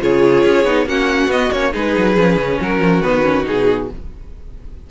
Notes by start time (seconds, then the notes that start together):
0.00 C#3 F4 G#4 C#5
0.44 C#4
0.64 B3 D#4
0.86 A#3 C#4 F#4 F#5
1.27 B3 D#5
1.51 A#3 C#4 C#5
1.72 G#3 D#4 G#4 B4
1.97 F#3
2.16 F3 C#4
2.36 C#3
2.60 F#3 F#4 A#4
2.79 F3
3.02 D#3 B3 B4
3.23 C#4
3.44 B2 D#4 G#4